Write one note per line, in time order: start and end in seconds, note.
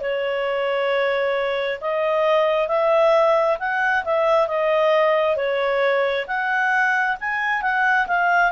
0.00 1.79 C#5
1.81 2.68 D#5
2.68 3.57 E5
3.59 4.03 F#5
4.04 4.47 E5
4.47 5.36 D#5
5.36 6.26 C#5
6.27 7.16 F#5
7.20 7.62 G#5
7.62 8.06 F#5
8.07 8.51 F5